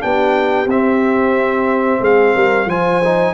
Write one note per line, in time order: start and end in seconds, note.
0.00 0.66 B3
0.00 0.67 D4
0.00 2.02 G4
0.00 0.69 G5
0.66 2.00 C4
0.66 2.69 C4
0.66 2.04 E5
2.01 2.34 G#3
2.01 2.34 G#4
2.01 2.70 F5
2.34 2.66 G3
2.34 2.68 A#4
2.66 3.32 F3
2.66 3.02 F4
2.66 3.34 C5
2.66 3.34 G#5
3.04 3.34 D#4